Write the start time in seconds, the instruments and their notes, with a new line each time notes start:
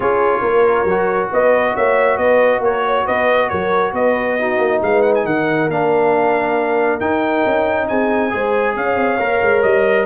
0.00 tuba C#4, trombone F4, horn G#4, trumpet C#5
0.41 tuba A#3, horn A#4
0.84 tuba F#3, trombone F#4
1.32 tuba B3, horn B4, trumpet D#5
1.75 tuba A#3, horn C#5, trumpet E5
2.17 tuba B3, horn B4, trumpet D#5
2.59 tuba A#3, horn A#4, trumpet C#5
2.85 horn C#5
3.04 tuba B3, horn B4, trumpet D#5
3.49 tuba F#3, horn A#4, trumpet C#5
3.92 tuba B3, horn B4, trumpet D#5
4.39 trombone D#4, horn F#4
4.58 tuba A#3
4.81 tuba G#3, horn B4, trumpet F5
5.02 trumpet F#5
5.15 trumpet G#5
5.25 tuba D#3, horn A#4, trumpet F#5
5.68 tuba A#3, trombone D4, trumpet F5
7.00 tuba D#4, trombone D#4, trumpet G5
7.45 tuba C#4
7.88 tuba C4, horn G#4, trumpet G#5
8.30 tuba G#3, trombone G#4, horn C5
8.75 tuba C#4, horn C#5, trumpet F5
8.95 tuba C4
9.19 tuba A#3, trombone A#4
9.41 tuba G#3
9.62 tuba G3, trumpet D#5